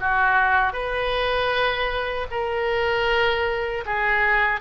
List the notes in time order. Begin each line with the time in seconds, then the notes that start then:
0.00 F#4
0.73 B4
2.30 A#4
3.85 G#4